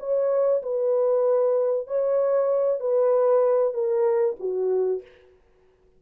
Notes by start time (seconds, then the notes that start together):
0.00 C#5
0.63 B4
1.88 C#5
2.80 B4
3.74 A#4
4.40 F#4